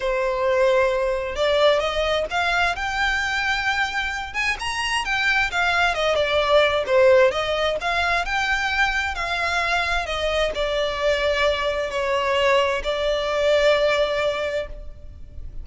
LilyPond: \new Staff \with { instrumentName = "violin" } { \time 4/4 \tempo 4 = 131 c''2. d''4 | dis''4 f''4 g''2~ | g''4. gis''8 ais''4 g''4 | f''4 dis''8 d''4. c''4 |
dis''4 f''4 g''2 | f''2 dis''4 d''4~ | d''2 cis''2 | d''1 | }